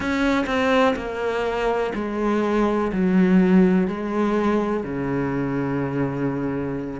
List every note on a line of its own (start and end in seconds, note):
0.00 0.45 C#4
0.46 0.95 C4
0.95 1.92 A#3
1.94 2.91 G#3
2.92 3.87 F#3
3.87 4.83 G#3
4.83 7.00 C#3